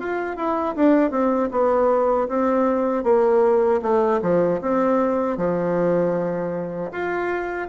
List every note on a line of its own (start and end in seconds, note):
0.00 0.37 F4
0.37 0.75 E4
0.76 1.11 D4
1.11 1.49 C4
1.51 2.28 B3
2.29 3.04 C4
3.04 3.81 A#3
3.82 4.21 A3
4.22 4.60 F3
4.62 5.37 C4
5.37 6.91 F3
6.92 7.69 F4